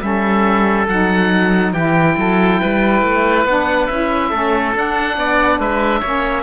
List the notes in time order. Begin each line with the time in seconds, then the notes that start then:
0.00 G3 C#4 A4 E5
0.88 F#3 D#4 F#5
1.73 E3 E4 G4 G5
2.18 F#3 A4
2.61 G3 B4
3.02 A3
3.45 B3 D4 F#5
3.87 C#4 E4 E5
4.29 A3 C#4 A4
4.74 D4 F#5
5.17 B3 D5
5.59 G#3 B4 E5
6.01 A#3 C#4 C#5